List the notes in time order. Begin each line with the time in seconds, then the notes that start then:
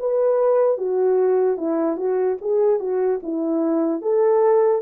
0.00 B4
0.78 F#4
1.57 E4
1.97 F#4
2.42 G#4
2.80 F#4
3.23 E4
4.02 A4